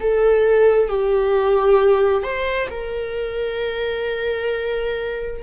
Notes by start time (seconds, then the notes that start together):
0.00 A4
0.88 G4
2.23 C5
2.69 A#4